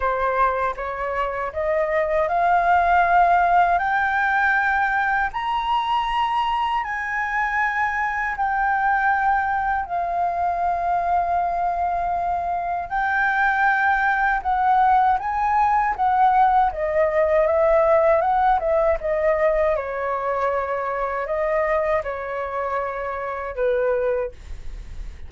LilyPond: \new Staff \with { instrumentName = "flute" } { \time 4/4 \tempo 4 = 79 c''4 cis''4 dis''4 f''4~ | f''4 g''2 ais''4~ | ais''4 gis''2 g''4~ | g''4 f''2.~ |
f''4 g''2 fis''4 | gis''4 fis''4 dis''4 e''4 | fis''8 e''8 dis''4 cis''2 | dis''4 cis''2 b'4 | }